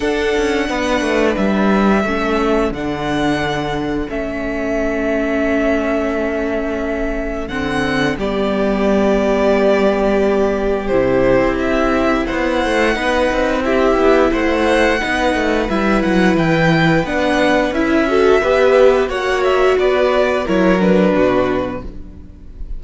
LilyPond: <<
  \new Staff \with { instrumentName = "violin" } { \time 4/4 \tempo 4 = 88 fis''2 e''2 | fis''2 e''2~ | e''2. fis''4 | d''1 |
c''4 e''4 fis''2 | e''4 fis''2 e''8 fis''8 | g''4 fis''4 e''2 | fis''8 e''8 d''4 cis''8 b'4. | }
  \new Staff \with { instrumentName = "violin" } { \time 4/4 a'4 b'2 a'4~ | a'1~ | a'1 | g'1~ |
g'2 c''4 b'4 | g'4 c''4 b'2~ | b'2~ b'8 a'8 b'4 | cis''4 b'4 ais'4 fis'4 | }
  \new Staff \with { instrumentName = "viola" } { \time 4/4 d'2. cis'4 | d'2 cis'2~ | cis'2. c'4 | b1 |
e'2. dis'4 | e'2 dis'4 e'4~ | e'4 d'4 e'8 fis'8 g'4 | fis'2 e'8 d'4. | }
  \new Staff \with { instrumentName = "cello" } { \time 4/4 d'8 cis'8 b8 a8 g4 a4 | d2 a2~ | a2. d4 | g1 |
c8. c'4~ c'16 b8 a8 b8 c'8~ | c'8 b8 a4 b8 a8 g8 fis8 | e4 b4 cis'4 b4 | ais4 b4 fis4 b,4 | }
>>